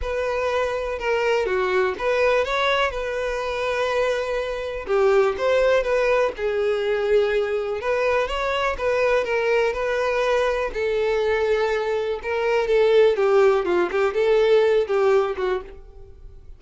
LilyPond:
\new Staff \with { instrumentName = "violin" } { \time 4/4 \tempo 4 = 123 b'2 ais'4 fis'4 | b'4 cis''4 b'2~ | b'2 g'4 c''4 | b'4 gis'2. |
b'4 cis''4 b'4 ais'4 | b'2 a'2~ | a'4 ais'4 a'4 g'4 | f'8 g'8 a'4. g'4 fis'8 | }